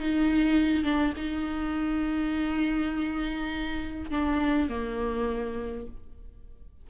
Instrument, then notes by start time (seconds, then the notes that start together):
viola
0.00 D#4
0.84 D4
1.17 D#4
4.11 D4
4.69 A#3